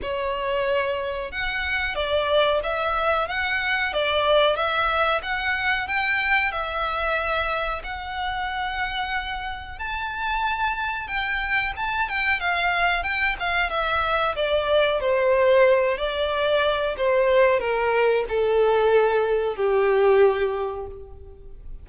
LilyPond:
\new Staff \with { instrumentName = "violin" } { \time 4/4 \tempo 4 = 92 cis''2 fis''4 d''4 | e''4 fis''4 d''4 e''4 | fis''4 g''4 e''2 | fis''2. a''4~ |
a''4 g''4 a''8 g''8 f''4 | g''8 f''8 e''4 d''4 c''4~ | c''8 d''4. c''4 ais'4 | a'2 g'2 | }